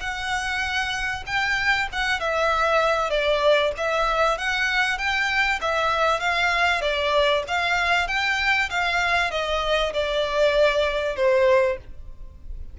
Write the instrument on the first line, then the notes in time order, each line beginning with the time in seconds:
violin
0.00 F#5
1.26 G5
1.92 F#5
2.20 E5
3.10 D5
3.77 E5
4.38 F#5
4.98 G5
5.61 E5
6.20 F5
6.81 D5
7.48 F5
8.07 G5
8.70 F5
9.31 D#5
9.93 D5
11.16 C5